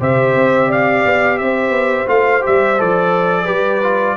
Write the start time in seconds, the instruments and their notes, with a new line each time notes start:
0.00 tuba C3, trombone G4, horn C5, trumpet E5
0.35 tuba C4
0.67 horn D5, trumpet F5
1.05 tuba B3
1.38 tuba C4, horn C5, trumpet E5
1.70 tuba B3
2.07 tuba A3, trombone F4, trumpet F5
2.41 tuba G3, trombone G4, trumpet E5
2.78 tuba F3, trombone A4, trumpet D5
3.45 tuba G3, trombone G4, horn B4
3.83 trombone F4